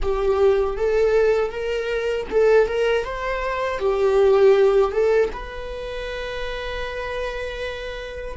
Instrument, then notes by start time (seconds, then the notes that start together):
viola
0.02 G4
0.77 A4
1.51 A#4
2.30 A4
2.67 A#4
3.04 C5
3.78 G4
4.91 A4
5.32 B4